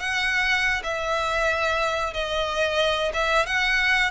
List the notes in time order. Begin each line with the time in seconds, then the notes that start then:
0.00 F#5
0.84 E5
2.14 D#5
3.13 E5
3.46 F#5